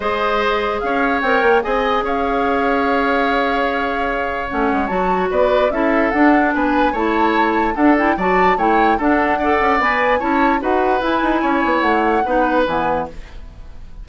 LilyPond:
<<
  \new Staff \with { instrumentName = "flute" } { \time 4/4 \tempo 4 = 147 dis''2 f''4 g''4 | gis''4 f''2.~ | f''2. fis''4 | a''4 d''4 e''4 fis''4 |
gis''4 a''2 fis''8 g''8 | a''4 g''4 fis''2 | gis''4 a''4 fis''4 gis''4~ | gis''4 fis''2 gis''4 | }
  \new Staff \with { instrumentName = "oboe" } { \time 4/4 c''2 cis''2 | dis''4 cis''2.~ | cis''1~ | cis''4 b'4 a'2 |
b'4 cis''2 a'4 | d''4 cis''4 a'4 d''4~ | d''4 cis''4 b'2 | cis''2 b'2 | }
  \new Staff \with { instrumentName = "clarinet" } { \time 4/4 gis'2. ais'4 | gis'1~ | gis'2. cis'4 | fis'2 e'4 d'4~ |
d'4 e'2 d'8 e'8 | fis'4 e'4 d'4 a'4 | b'4 e'4 fis'4 e'4~ | e'2 dis'4 b4 | }
  \new Staff \with { instrumentName = "bassoon" } { \time 4/4 gis2 cis'4 c'8 ais8 | c'4 cis'2.~ | cis'2. a8 gis8 | fis4 b4 cis'4 d'4 |
b4 a2 d'4 | fis4 a4 d'4. cis'8 | b4 cis'4 dis'4 e'8 dis'8 | cis'8 b8 a4 b4 e4 | }
>>